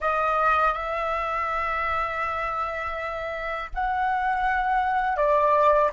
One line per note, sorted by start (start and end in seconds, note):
0.00 0.73 D#5
0.73 3.70 E5
3.74 5.16 F#5
5.16 5.91 D5